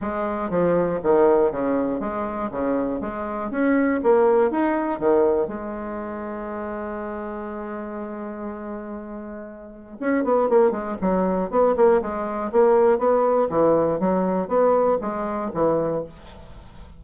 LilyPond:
\new Staff \with { instrumentName = "bassoon" } { \time 4/4 \tempo 4 = 120 gis4 f4 dis4 cis4 | gis4 cis4 gis4 cis'4 | ais4 dis'4 dis4 gis4~ | gis1~ |
gis1 | cis'8 b8 ais8 gis8 fis4 b8 ais8 | gis4 ais4 b4 e4 | fis4 b4 gis4 e4 | }